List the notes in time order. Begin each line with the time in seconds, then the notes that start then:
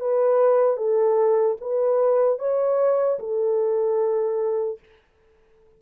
0.00 B4
0.76 A4
1.60 B4
2.39 C#5
3.19 A4